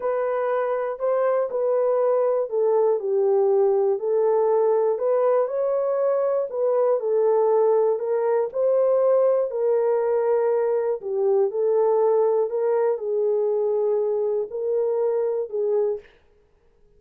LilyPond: \new Staff \with { instrumentName = "horn" } { \time 4/4 \tempo 4 = 120 b'2 c''4 b'4~ | b'4 a'4 g'2 | a'2 b'4 cis''4~ | cis''4 b'4 a'2 |
ais'4 c''2 ais'4~ | ais'2 g'4 a'4~ | a'4 ais'4 gis'2~ | gis'4 ais'2 gis'4 | }